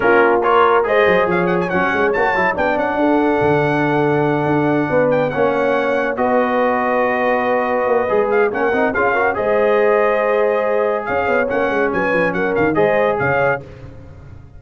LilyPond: <<
  \new Staff \with { instrumentName = "trumpet" } { \time 4/4 \tempo 4 = 141 ais'4 cis''4 dis''4 f''8 fis''16 gis''16 | fis''4 a''4 g''8 fis''4.~ | fis''1 | g''8 fis''2 dis''4.~ |
dis''2.~ dis''8 f''8 | fis''4 f''4 dis''2~ | dis''2 f''4 fis''4 | gis''4 fis''8 f''8 dis''4 f''4 | }
  \new Staff \with { instrumentName = "horn" } { \time 4/4 f'4 ais'4 c''4 cis''4~ | cis''2 d''4 a'4~ | a'2.~ a'8 b'8~ | b'8 cis''2 b'4.~ |
b'1 | ais'4 gis'8 ais'8 c''2~ | c''2 cis''2 | b'4 ais'4 c''4 cis''4 | }
  \new Staff \with { instrumentName = "trombone" } { \time 4/4 cis'4 f'4 gis'2 | cis'4 fis'8 e'8 d'2~ | d'1~ | d'8 cis'2 fis'4.~ |
fis'2. gis'4 | cis'8 dis'8 f'8 fis'8 gis'2~ | gis'2. cis'4~ | cis'2 gis'2 | }
  \new Staff \with { instrumentName = "tuba" } { \time 4/4 ais2 gis8 fis8 f4 | fis8 gis8 ais8 fis8 b8 cis'8 d'4 | d2~ d8 d'4 b8~ | b8 ais2 b4.~ |
b2~ b8 ais8 gis4 | ais8 c'8 cis'4 gis2~ | gis2 cis'8 b8 ais8 gis8 | fis8 f8 fis8 dis8 gis4 cis4 | }
>>